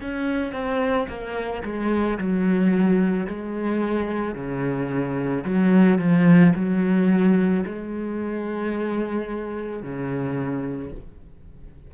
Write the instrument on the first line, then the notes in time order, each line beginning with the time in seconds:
cello
0.00 C#4
0.53 C4
1.08 A#3
1.63 G#3
2.18 F#3
3.26 G#3
4.34 C#3
5.44 F#3
5.98 F3
6.55 F#3
7.65 G#3
9.82 C#3